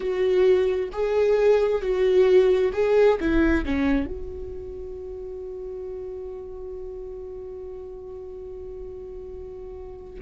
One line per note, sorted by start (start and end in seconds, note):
0.00 0.89 F#4
0.92 1.81 G#4
1.81 2.72 F#4
2.72 3.18 G#4
3.20 3.65 E4
3.65 4.06 C#4
4.06 10.20 F#4